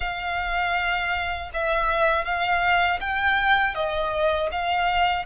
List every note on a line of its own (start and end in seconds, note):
0.00 1.50 F5
1.53 2.24 E5
2.24 2.99 F5
3.00 3.74 G5
3.74 4.49 D#5
4.51 5.25 F5